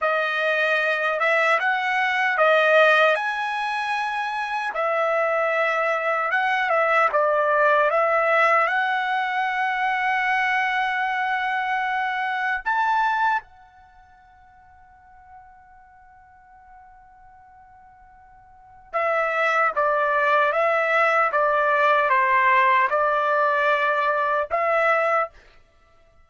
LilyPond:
\new Staff \with { instrumentName = "trumpet" } { \time 4/4 \tempo 4 = 76 dis''4. e''8 fis''4 dis''4 | gis''2 e''2 | fis''8 e''8 d''4 e''4 fis''4~ | fis''1 |
a''4 fis''2.~ | fis''1 | e''4 d''4 e''4 d''4 | c''4 d''2 e''4 | }